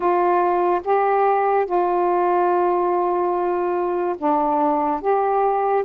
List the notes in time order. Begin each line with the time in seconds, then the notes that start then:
0.00 F4
0.84 G4
1.66 F4
4.18 D4
5.01 G4